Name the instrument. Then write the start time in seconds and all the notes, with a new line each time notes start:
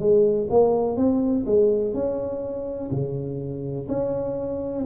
tuba
0.00 G#3
0.50 A#3
0.97 C4
1.46 G#3
1.94 C#4
2.92 C#3
3.89 C#4